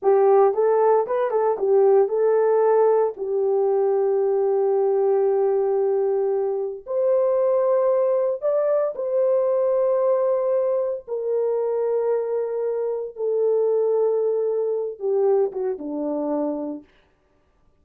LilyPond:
\new Staff \with { instrumentName = "horn" } { \time 4/4 \tempo 4 = 114 g'4 a'4 b'8 a'8 g'4 | a'2 g'2~ | g'1~ | g'4 c''2. |
d''4 c''2.~ | c''4 ais'2.~ | ais'4 a'2.~ | a'8 g'4 fis'8 d'2 | }